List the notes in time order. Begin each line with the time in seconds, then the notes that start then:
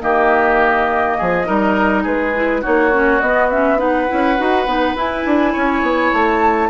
0.00 D#3 A#3 G4 D#5
1.17 F3 G#4
1.45 G3 D#4 A#4
2.02 G#3 G#4 B4
2.35 E4
2.61 A#3 D#4 F#4 C#5
2.91 C#4
3.20 B3 D#5
3.50 C#4 E5
3.77 D#4 B4 F#5
4.08 C#4 E4
4.37 D#4 F#4
4.66 B3 D#4
4.95 E4 G#5
5.25 D4
5.52 C#4 C#5
5.82 B3
6.12 A3 A5